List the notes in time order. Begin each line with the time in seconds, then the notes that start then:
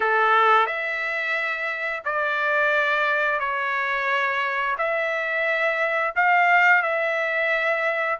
0.00 A4
0.66 E5
2.05 D5
3.39 C#5
4.77 E5
6.15 F5
6.82 E5